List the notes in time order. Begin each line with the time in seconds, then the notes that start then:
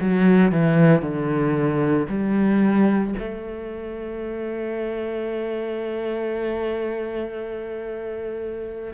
0.00 F#3
0.52 E3
1.02 D3
2.09 G3
3.19 A3